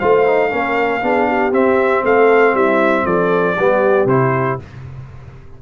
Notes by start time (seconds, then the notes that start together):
0.00 A3 F4 C5 F5
0.27 D#4
0.51 A#3 C#4 A#4
1.02 B3 D4 G#4
1.28 G4
1.52 C4 E5
2.04 A3 A4 F5
2.54 G3 E4 E5
3.06 F3 A4 D5
3.59 G3 B3 G4
4.06 C3 E4 C5